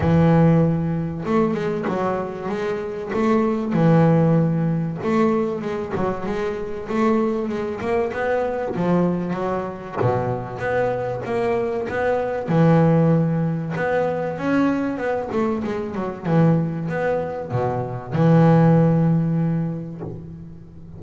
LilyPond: \new Staff \with { instrumentName = "double bass" } { \time 4/4 \tempo 4 = 96 e2 a8 gis8 fis4 | gis4 a4 e2 | a4 gis8 fis8 gis4 a4 | gis8 ais8 b4 f4 fis4 |
b,4 b4 ais4 b4 | e2 b4 cis'4 | b8 a8 gis8 fis8 e4 b4 | b,4 e2. | }